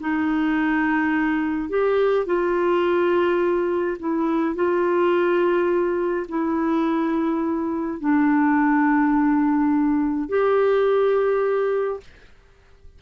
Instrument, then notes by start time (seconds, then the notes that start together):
clarinet
0.00 D#4
1.69 G4
2.26 F4
3.99 E4
4.55 F4
6.29 E4
8.00 D4
10.29 G4